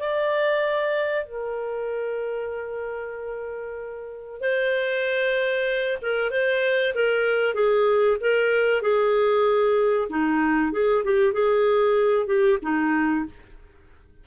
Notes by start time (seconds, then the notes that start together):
0.00 D5
1.26 A#4
4.41 C5
6.02 A#4
6.31 C5
6.95 A#4
7.55 G#4
8.21 A#4
8.82 G#4
10.10 D#4
10.73 G#4
11.04 G4
11.33 G#4
12.27 G4
12.63 D#4